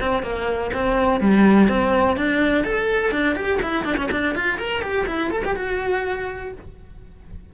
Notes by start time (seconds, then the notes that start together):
0.00 C4
0.23 A#3
0.74 C4
1.21 G3
1.69 C4
2.17 D4
2.64 A4
3.12 D4
3.36 G4
3.62 E4
3.85 D4
3.97 C#4
4.12 D4
4.35 F4
4.59 A#4
4.82 G4
5.07 E4
5.31 A4
5.45 G4
5.56 F#4